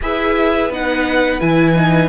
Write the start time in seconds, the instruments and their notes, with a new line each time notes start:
0.02 cello E4, viola G#4, violin B4 E5
0.69 cello B3, viola D#4, violin F#5
1.40 cello E3, viola E4, violin G#5
1.75 viola D#4